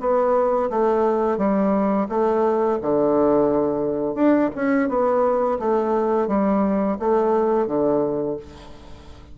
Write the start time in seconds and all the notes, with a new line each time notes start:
0.00 B3
0.70 A3
1.38 G3
2.09 A3
2.82 D3
4.15 D4
4.55 C#4
4.89 B3
5.59 A3
6.28 G3
7.00 A3
7.67 D3